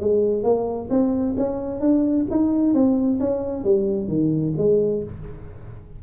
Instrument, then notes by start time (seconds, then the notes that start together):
tuba
0.00 G#3
0.43 A#3
0.90 C4
1.37 C#4
1.80 D4
2.30 D#4
2.74 C4
3.20 C#4
3.64 G3
4.08 D#3
4.58 G#3